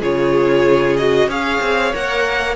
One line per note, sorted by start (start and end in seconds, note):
0.00 1.28 C#3
0.00 0.99 F4
0.00 1.28 G#4
0.00 0.97 C#5
0.97 1.29 F#4
0.97 1.29 D#5
1.28 1.60 C#4
1.28 1.93 G#4
1.28 2.56 C#5
1.28 1.95 F5
1.61 1.93 C4
1.93 2.56 A#3
1.93 2.56 A#4
1.93 2.56 F#5